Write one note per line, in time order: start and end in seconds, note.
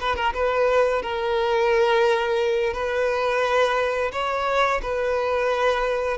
0.00 0.16 B4
0.16 0.33 A#4
0.34 1.02 B4
1.02 2.73 A#4
2.73 4.11 B4
4.12 4.81 C#5
4.82 6.17 B4